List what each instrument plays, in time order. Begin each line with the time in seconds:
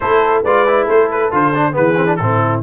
0.00 tuba A3, trombone E4, horn A4, trumpet C5
0.42 tuba G#3, trombone F4, horn B4, trumpet D5
0.67 trombone E4
0.85 tuba A3, horn A4, trumpet C5
1.10 trumpet B4
1.31 tuba D3, trombone F4, trumpet C5
1.54 trombone D4
1.72 tuba E3, trombone B3, horn G#4, trumpet B4
1.96 trombone C4
2.06 trombone D4
2.16 tuba A2, trombone C4, horn E4, trumpet A4